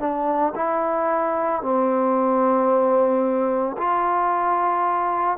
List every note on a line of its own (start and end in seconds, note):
0.00 0.54 D4
0.56 1.62 E4
1.62 3.76 C4
3.77 5.38 F4